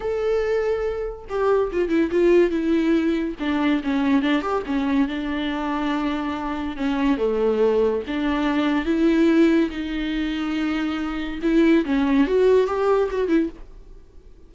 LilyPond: \new Staff \with { instrumentName = "viola" } { \time 4/4 \tempo 4 = 142 a'2. g'4 | f'8 e'8 f'4 e'2 | d'4 cis'4 d'8 g'8 cis'4 | d'1 |
cis'4 a2 d'4~ | d'4 e'2 dis'4~ | dis'2. e'4 | cis'4 fis'4 g'4 fis'8 e'8 | }